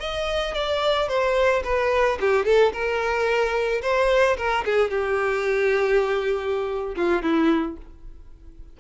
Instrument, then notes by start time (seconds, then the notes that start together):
violin
0.00 D#5
0.54 D5
1.09 C5
1.64 B4
2.20 G4
2.45 A4
2.73 A#4
3.82 C5
4.37 A#4
4.65 G#4
4.91 G4
6.96 F4
7.22 E4